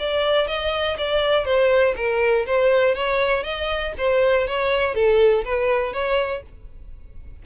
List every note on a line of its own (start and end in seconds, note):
0.00 0.48 D5
0.48 0.97 D#5
0.98 1.46 D5
1.46 1.95 C5
1.97 2.46 A#4
2.47 2.95 C5
2.95 3.44 C#5
3.44 3.94 D#5
3.98 4.48 C5
4.48 4.95 C#5
4.95 5.45 A4
5.45 5.94 B4
5.94 6.43 C#5